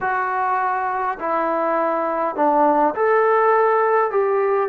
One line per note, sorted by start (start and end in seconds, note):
0.01 1.18 F#4
1.19 2.35 E4
2.35 2.94 D4
2.95 4.10 A4
4.10 4.68 G4